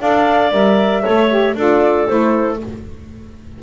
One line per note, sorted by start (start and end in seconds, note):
0.00 0.51 D4
0.00 0.50 A4
0.00 1.02 D5
0.00 0.52 F5
0.50 1.03 G3
0.50 1.02 A#4
0.50 1.56 E5
1.02 1.54 A3
1.02 1.28 A4
1.02 1.54 C#5
1.28 1.54 G4
1.54 2.06 D4
1.54 2.07 F4
1.54 2.61 A4
1.54 2.07 D5
2.07 2.62 A3
2.07 2.59 E4
2.07 2.59 C5